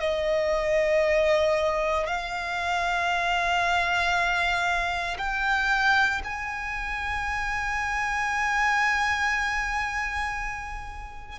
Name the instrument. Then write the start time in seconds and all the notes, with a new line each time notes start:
violin
0.00 D#5
2.07 F5
5.19 G5
6.24 G#5